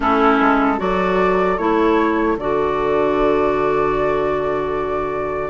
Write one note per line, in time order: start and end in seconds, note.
0.00 0.39 A3
0.00 0.77 C#4
0.00 0.78 E4
0.00 0.79 A4
0.40 0.79 G#3
0.77 1.58 F#3
0.77 1.56 F#4
0.77 5.50 A4
0.77 1.57 D5
1.57 2.37 A3
1.57 2.37 E4
1.57 2.36 C#5
2.37 5.50 D3
2.37 5.50 F#4
2.37 5.50 D5